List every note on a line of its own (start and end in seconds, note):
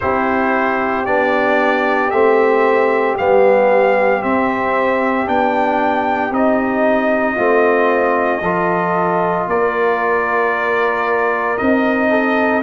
0.00 1.06 C4
0.00 1.06 E4
0.00 7.35 G4
0.00 1.05 C5
1.05 2.11 B3
1.05 2.11 D4
1.05 2.10 D5
2.10 3.16 A3
2.10 3.18 C4
2.10 3.15 E5
3.17 4.22 G3
3.17 4.21 B3
3.17 4.22 F5
4.21 5.25 C4
4.21 5.27 C4
4.21 5.27 E5
5.25 6.30 B3
5.25 6.31 D4
5.25 6.33 G5
6.30 7.36 C4
6.30 7.37 D#4
6.30 9.49 D#5
7.35 8.41 A3
7.35 8.42 C4
7.35 8.40 F4
8.41 9.46 F3
8.41 11.57 F4
8.41 9.47 A4
9.47 11.57 A#3
9.47 12.10 A#4
9.47 11.57 D5
11.57 12.62 C4
11.57 12.62 D#4
11.57 12.62 D#5
12.10 12.62 A4